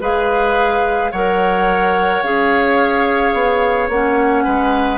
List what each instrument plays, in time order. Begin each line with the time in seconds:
0.00 bassoon G#3, clarinet G#4, oboe B4, flute F5
1.11 bassoon F#3, clarinet A#4, oboe C#5, flute F#5
2.22 bassoon C#4, clarinet G#4, flute F5
3.33 bassoon B3
3.88 bassoon A#3, clarinet C#4, flute F#5
4.44 bassoon G#3, oboe B4